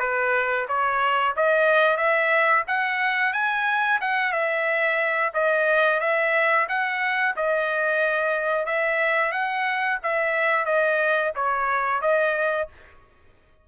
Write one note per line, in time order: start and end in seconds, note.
0.00 0.67 B4
0.69 1.35 C#5
1.37 1.98 D#5
1.98 2.64 E5
2.68 3.34 F#5
3.34 4.00 G#5
4.02 4.33 F#5
4.33 5.33 E5
5.34 6.01 D#5
6.01 6.68 E5
6.69 7.36 F#5
7.37 8.66 D#5
8.66 9.32 E5
9.32 9.99 F#5
10.03 10.66 E5
10.66 11.32 D#5
11.36 12.02 C#5
12.02 12.69 D#5